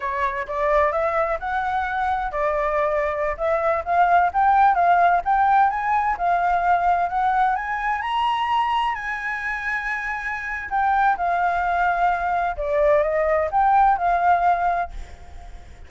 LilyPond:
\new Staff \with { instrumentName = "flute" } { \time 4/4 \tempo 4 = 129 cis''4 d''4 e''4 fis''4~ | fis''4 d''2~ d''16 e''8.~ | e''16 f''4 g''4 f''4 g''8.~ | g''16 gis''4 f''2 fis''8.~ |
fis''16 gis''4 ais''2 gis''8.~ | gis''2. g''4 | f''2. d''4 | dis''4 g''4 f''2 | }